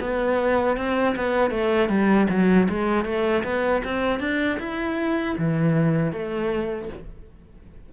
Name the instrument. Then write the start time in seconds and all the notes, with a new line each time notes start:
cello
0.00 B3
0.77 C4
1.15 B3
1.50 A3
1.89 G3
2.29 F#3
2.69 G#3
3.05 A3
3.43 B3
3.84 C4
4.20 D4
4.59 E4
5.37 E3
6.12 A3